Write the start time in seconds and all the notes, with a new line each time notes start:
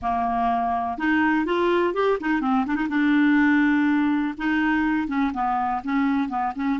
0.02 A#3
0.98 D#4
1.45 F4
1.94 G4
2.20 D#4
2.41 C4
2.66 D4
2.75 D#4
2.89 D4
4.37 D#4
5.07 C#4
5.33 B3
5.84 C#4
6.28 B3
6.55 C#4